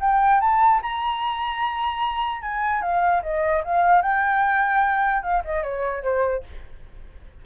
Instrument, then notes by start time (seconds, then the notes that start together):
flute
0.00 G5
0.40 A5
0.82 A#5
2.42 G#5
2.82 F5
3.23 D#5
3.64 F5
4.01 G5
5.22 F5
5.44 D#5
5.63 C#5
6.03 C5